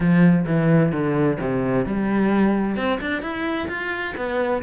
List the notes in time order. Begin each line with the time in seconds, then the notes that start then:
0.00 F3
0.46 E3
0.91 D3
1.40 C3
1.85 G3
2.76 C4
3.00 D4
3.22 E4
3.68 F4
4.16 B3